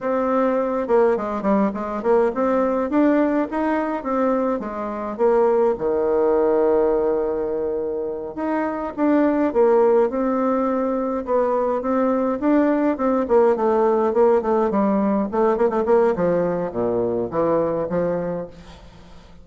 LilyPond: \new Staff \with { instrumentName = "bassoon" } { \time 4/4 \tempo 4 = 104 c'4. ais8 gis8 g8 gis8 ais8 | c'4 d'4 dis'4 c'4 | gis4 ais4 dis2~ | dis2~ dis8 dis'4 d'8~ |
d'8 ais4 c'2 b8~ | b8 c'4 d'4 c'8 ais8 a8~ | a8 ais8 a8 g4 a8 ais16 a16 ais8 | f4 ais,4 e4 f4 | }